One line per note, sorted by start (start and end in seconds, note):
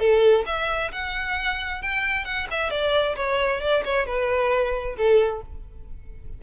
0.00 0.45 A4
0.47 0.92 E5
0.92 1.83 F#5
1.83 2.25 G5
2.25 2.48 F#5
2.51 2.71 E5
2.71 3.16 D5
3.16 3.61 C#5
3.61 3.83 D5
3.85 4.06 C#5
4.06 4.96 B4
4.97 5.42 A4